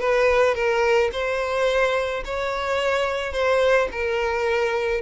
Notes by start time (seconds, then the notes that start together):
0.00 B4
0.55 A#4
1.13 C5
2.25 C#5
3.33 C5
3.91 A#4